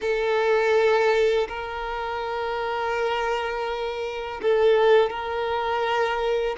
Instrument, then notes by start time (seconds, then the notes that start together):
violin
0.01 A4
1.48 A#4
4.41 A4
5.10 A#4